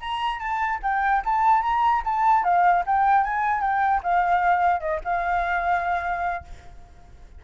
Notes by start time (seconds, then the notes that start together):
0.00 A#5
0.39 A5
0.82 G5
1.25 A5
1.62 A#5
2.04 A5
2.44 F5
2.86 G5
3.24 G#5
3.61 G5
4.03 F5
4.80 D#5
5.04 F5